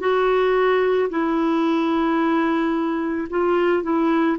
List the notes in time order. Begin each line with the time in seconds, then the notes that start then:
0.00 F#4
1.10 E4
3.30 F4
3.83 E4